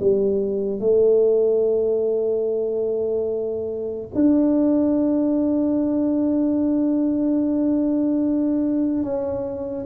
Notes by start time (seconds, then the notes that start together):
0.00 G3
0.80 A3
4.15 D4
9.03 C#4